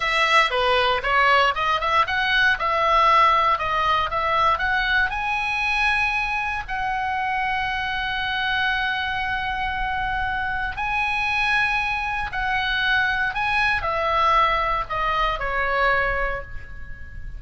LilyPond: \new Staff \with { instrumentName = "oboe" } { \time 4/4 \tempo 4 = 117 e''4 b'4 cis''4 dis''8 e''8 | fis''4 e''2 dis''4 | e''4 fis''4 gis''2~ | gis''4 fis''2.~ |
fis''1~ | fis''4 gis''2. | fis''2 gis''4 e''4~ | e''4 dis''4 cis''2 | }